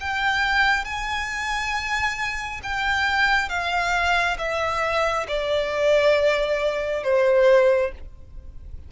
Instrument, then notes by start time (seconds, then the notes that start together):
violin
0.00 G5
0.84 G#5
2.62 G5
3.49 F5
4.38 E5
5.27 D5
7.03 C5